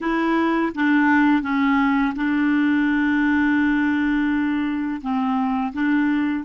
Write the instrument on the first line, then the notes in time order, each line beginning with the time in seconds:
clarinet
0.00 E4
0.74 D4
1.42 C#4
2.15 D4
5.01 C4
5.73 D4